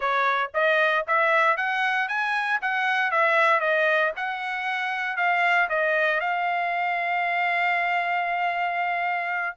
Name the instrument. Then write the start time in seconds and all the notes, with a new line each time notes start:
trumpet
0.00 C#5
0.54 D#5
1.07 E5
1.56 F#5
2.08 G#5
2.61 F#5
3.11 E5
3.60 D#5
4.16 F#5
5.16 F5
5.69 D#5
6.20 F5